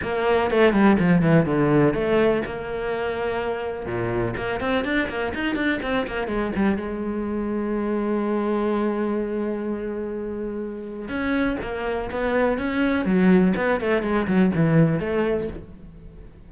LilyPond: \new Staff \with { instrumentName = "cello" } { \time 4/4 \tempo 4 = 124 ais4 a8 g8 f8 e8 d4 | a4 ais2. | ais,4 ais8 c'8 d'8 ais8 dis'8 d'8 | c'8 ais8 gis8 g8 gis2~ |
gis1~ | gis2. cis'4 | ais4 b4 cis'4 fis4 | b8 a8 gis8 fis8 e4 a4 | }